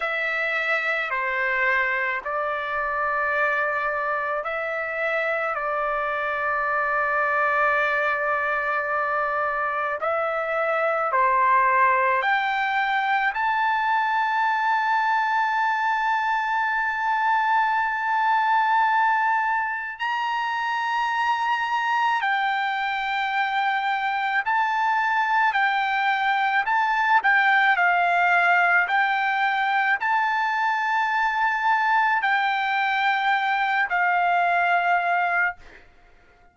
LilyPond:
\new Staff \with { instrumentName = "trumpet" } { \time 4/4 \tempo 4 = 54 e''4 c''4 d''2 | e''4 d''2.~ | d''4 e''4 c''4 g''4 | a''1~ |
a''2 ais''2 | g''2 a''4 g''4 | a''8 g''8 f''4 g''4 a''4~ | a''4 g''4. f''4. | }